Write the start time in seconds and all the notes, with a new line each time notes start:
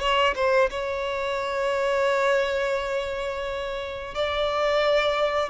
0.00 C#5
0.36 C5
0.71 C#5
4.15 D5